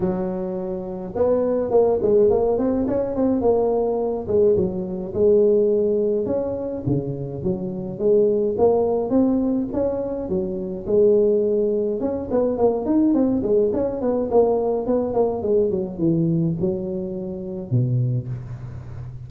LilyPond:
\new Staff \with { instrumentName = "tuba" } { \time 4/4 \tempo 4 = 105 fis2 b4 ais8 gis8 | ais8 c'8 cis'8 c'8 ais4. gis8 | fis4 gis2 cis'4 | cis4 fis4 gis4 ais4 |
c'4 cis'4 fis4 gis4~ | gis4 cis'8 b8 ais8 dis'8 c'8 gis8 | cis'8 b8 ais4 b8 ais8 gis8 fis8 | e4 fis2 b,4 | }